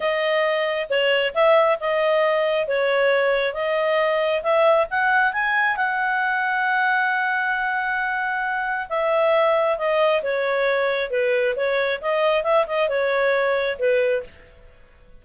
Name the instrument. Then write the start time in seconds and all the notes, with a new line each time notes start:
clarinet
0.00 D#5
0.89 C#5
1.34 E5
1.80 D#5
2.67 C#5
3.53 D#5
4.42 E5
4.90 F#5
5.32 G#5
5.76 F#5
8.89 E5
9.77 D#5
10.22 C#5
11.10 B4
11.56 C#5
12.01 D#5
12.43 E5
12.67 D#5
12.88 C#5
13.79 B4